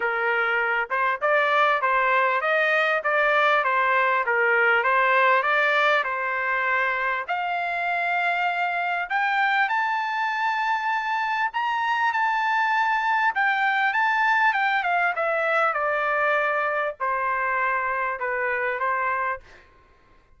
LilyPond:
\new Staff \with { instrumentName = "trumpet" } { \time 4/4 \tempo 4 = 99 ais'4. c''8 d''4 c''4 | dis''4 d''4 c''4 ais'4 | c''4 d''4 c''2 | f''2. g''4 |
a''2. ais''4 | a''2 g''4 a''4 | g''8 f''8 e''4 d''2 | c''2 b'4 c''4 | }